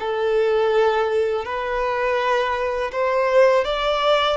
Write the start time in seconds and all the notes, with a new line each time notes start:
0.00 A4
1.45 B4
2.92 C5
3.65 D5